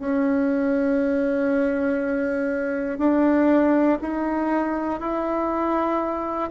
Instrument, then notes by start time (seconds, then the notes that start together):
bassoon
0.00 C#4
2.99 D4
4.02 D#4
5.01 E4